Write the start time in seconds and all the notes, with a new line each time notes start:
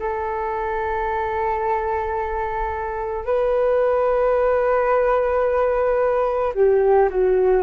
0.00 A4
3.26 B4
6.55 G4
7.10 F#4